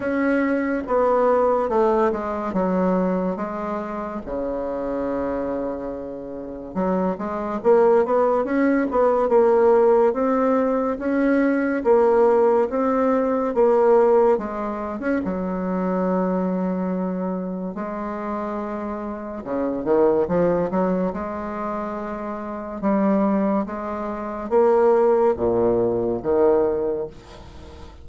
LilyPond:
\new Staff \with { instrumentName = "bassoon" } { \time 4/4 \tempo 4 = 71 cis'4 b4 a8 gis8 fis4 | gis4 cis2. | fis8 gis8 ais8 b8 cis'8 b8 ais4 | c'4 cis'4 ais4 c'4 |
ais4 gis8. cis'16 fis2~ | fis4 gis2 cis8 dis8 | f8 fis8 gis2 g4 | gis4 ais4 ais,4 dis4 | }